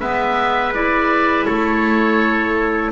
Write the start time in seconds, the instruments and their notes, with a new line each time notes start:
0.00 double bass G#3, clarinet B3, trumpet B4, oboe E5
0.74 clarinet E4, oboe D5
1.45 double bass A3, trumpet A4, oboe C#5